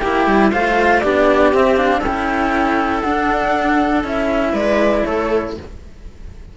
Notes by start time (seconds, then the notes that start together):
0.00 A#3 E4 G4 G5
0.27 G3
0.51 A3 F4 C5 F5
1.01 B3 D4 G4 D5
1.54 C4 E5
1.77 D4 F5
2.00 C#4 A4 G5
2.07 E4
3.01 D4 F#5
4.04 C#4 E4 E5
4.53 G#3 B4 D5
5.04 A3 A4 C#5